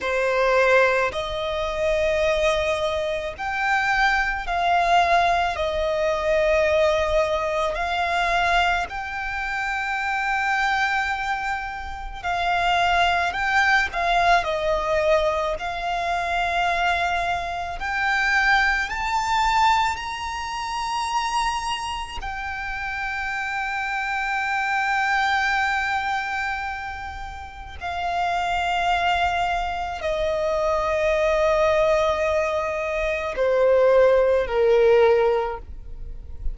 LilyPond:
\new Staff \with { instrumentName = "violin" } { \time 4/4 \tempo 4 = 54 c''4 dis''2 g''4 | f''4 dis''2 f''4 | g''2. f''4 | g''8 f''8 dis''4 f''2 |
g''4 a''4 ais''2 | g''1~ | g''4 f''2 dis''4~ | dis''2 c''4 ais'4 | }